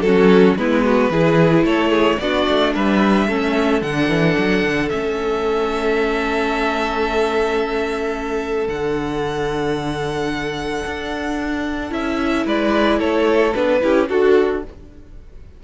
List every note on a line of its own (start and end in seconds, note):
0.00 0.55 F#3
0.00 0.58 C#4
0.00 0.58 F#4
0.00 0.54 A4
0.56 1.10 G#3
0.56 1.11 B3
0.56 0.84 E4
0.56 1.65 B4
0.84 1.11 F#4
1.10 1.64 E3
1.10 2.20 E4
1.10 1.64 G#4
1.64 2.18 A3
1.64 1.90 A4
1.64 2.19 C#5
1.90 2.17 G#4
2.19 2.46 B3
2.19 3.29 D4
2.19 2.73 F#4
2.19 2.73 D5
2.48 2.75 A3
2.73 3.28 G3
2.73 3.27 B4
2.73 3.82 E5
3.28 3.81 A3
3.28 3.81 C#4
3.28 12.45 A4
3.81 4.08 D3
3.81 4.89 D4
3.81 4.89 F#5
4.08 4.35 E3
4.37 4.64 F#3
4.64 4.91 D3
4.89 8.68 A3
4.89 8.69 C#4
4.89 8.67 E5
8.68 10.84 D3
8.68 11.90 D4
8.68 11.92 F#5
10.85 11.91 D4
11.90 12.45 C#4
11.90 13.52 E4
11.90 12.47 E5
12.45 13.00 G#3
12.45 12.99 B4
12.45 13.00 D5
12.99 13.54 A3
12.99 13.80 A4
12.99 13.53 C#5
13.53 13.83 B3
13.53 13.81 D4
13.53 14.07 B4
13.81 14.09 C#4
13.81 14.08 E4
13.81 14.09 G4
14.08 14.63 D4
14.08 14.62 F#4
14.08 14.63 F#4
14.08 14.63 A4